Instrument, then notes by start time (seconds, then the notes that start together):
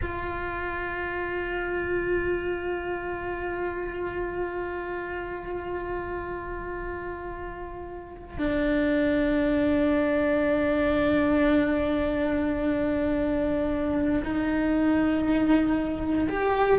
cello
0.01 F4
8.38 D4
14.24 D#4
16.29 G4